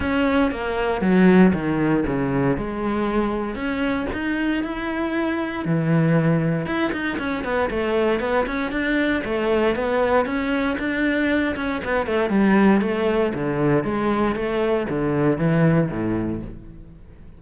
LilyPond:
\new Staff \with { instrumentName = "cello" } { \time 4/4 \tempo 4 = 117 cis'4 ais4 fis4 dis4 | cis4 gis2 cis'4 | dis'4 e'2 e4~ | e4 e'8 dis'8 cis'8 b8 a4 |
b8 cis'8 d'4 a4 b4 | cis'4 d'4. cis'8 b8 a8 | g4 a4 d4 gis4 | a4 d4 e4 a,4 | }